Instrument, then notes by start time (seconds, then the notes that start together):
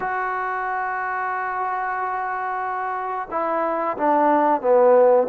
trombone
0.00 F#4
3.30 E4
3.97 D4
4.61 B3